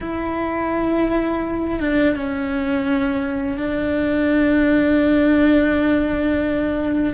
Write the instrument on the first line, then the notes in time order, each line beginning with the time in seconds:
cello
0.01 E4
1.79 D4
2.15 C#4
3.57 D4